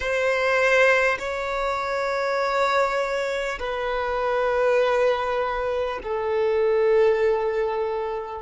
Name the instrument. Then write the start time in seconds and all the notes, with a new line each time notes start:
violin
0.00 C5
1.18 C#5
3.59 B4
6.02 A4